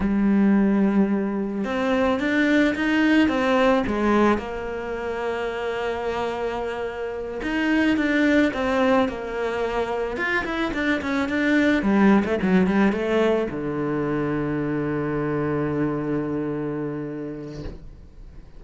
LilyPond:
\new Staff \with { instrumentName = "cello" } { \time 4/4 \tempo 4 = 109 g2. c'4 | d'4 dis'4 c'4 gis4 | ais1~ | ais4. dis'4 d'4 c'8~ |
c'8 ais2 f'8 e'8 d'8 | cis'8 d'4 g8. a16 fis8 g8 a8~ | a8 d2.~ d8~ | d1 | }